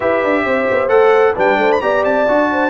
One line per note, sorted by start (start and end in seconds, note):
0.00 0.23 E4
0.00 0.88 G4
0.00 0.43 B4
0.00 0.89 E5
0.23 0.45 D4
0.45 0.67 C4
0.45 1.34 C5
0.70 0.88 B3
0.88 1.34 A3
0.88 1.34 A4
0.88 1.34 F#5
1.34 1.57 G3
1.34 1.81 D4
1.34 1.57 B4
1.34 1.71 G5
1.57 1.80 A3
1.57 1.82 C5
1.71 1.81 B5
1.81 2.04 B3
1.81 2.26 G4
1.81 2.51 D5
1.81 2.04 A#5
2.04 2.27 C4
2.04 2.70 A5
2.27 2.70 D4
2.27 2.70 F#4
2.51 2.70 C5